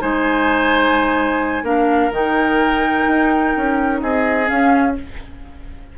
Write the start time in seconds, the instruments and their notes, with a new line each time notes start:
0.00 bassoon G#3, clarinet D#4, oboe C5, flute G#5
1.63 bassoon A#3, clarinet D4, oboe A#4, flute F5
2.11 bassoon D#3, clarinet D#4, flute G5
3.08 bassoon D#4
3.57 bassoon C#4
4.01 bassoon C4, oboe G#4, flute D#5
4.46 clarinet C#4, bassoon C#4, flute F5